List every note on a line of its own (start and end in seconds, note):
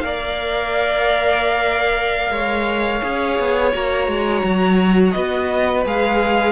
0.00 2.30 A#3
0.00 3.02 A#4
0.00 2.32 D5
0.00 3.71 F5
2.30 3.01 G#3
2.30 5.14 C#5
3.02 3.39 C#4
3.02 3.72 G#4
3.39 3.74 B3
3.72 4.07 A#3
3.72 5.84 F#4
3.72 5.11 A#5
4.07 4.42 G#3
4.43 5.14 F#3
5.11 5.85 B3
5.11 6.52 B4
5.11 5.82 D#5
5.85 6.52 G#3
5.85 6.52 G#4
5.85 6.52 F5